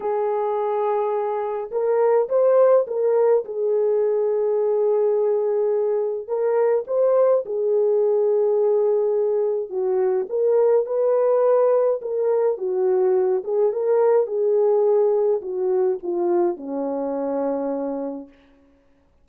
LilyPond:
\new Staff \with { instrumentName = "horn" } { \time 4/4 \tempo 4 = 105 gis'2. ais'4 | c''4 ais'4 gis'2~ | gis'2. ais'4 | c''4 gis'2.~ |
gis'4 fis'4 ais'4 b'4~ | b'4 ais'4 fis'4. gis'8 | ais'4 gis'2 fis'4 | f'4 cis'2. | }